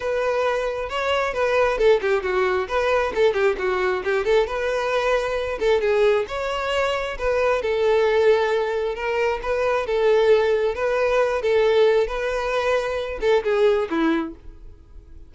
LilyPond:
\new Staff \with { instrumentName = "violin" } { \time 4/4 \tempo 4 = 134 b'2 cis''4 b'4 | a'8 g'8 fis'4 b'4 a'8 g'8 | fis'4 g'8 a'8 b'2~ | b'8 a'8 gis'4 cis''2 |
b'4 a'2. | ais'4 b'4 a'2 | b'4. a'4. b'4~ | b'4. a'8 gis'4 e'4 | }